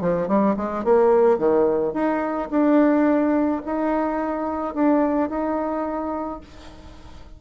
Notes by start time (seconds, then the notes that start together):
0.00 F3
0.27 G3
0.56 G#3
0.84 A#3
1.38 D#3
1.93 D#4
2.50 D4
3.65 D#4
4.74 D4
5.29 D#4